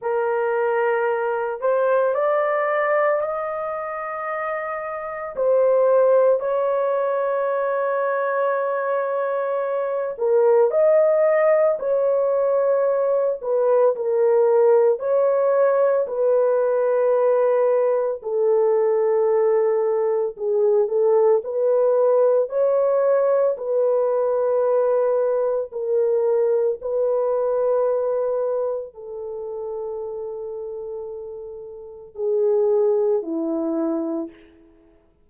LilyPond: \new Staff \with { instrumentName = "horn" } { \time 4/4 \tempo 4 = 56 ais'4. c''8 d''4 dis''4~ | dis''4 c''4 cis''2~ | cis''4. ais'8 dis''4 cis''4~ | cis''8 b'8 ais'4 cis''4 b'4~ |
b'4 a'2 gis'8 a'8 | b'4 cis''4 b'2 | ais'4 b'2 a'4~ | a'2 gis'4 e'4 | }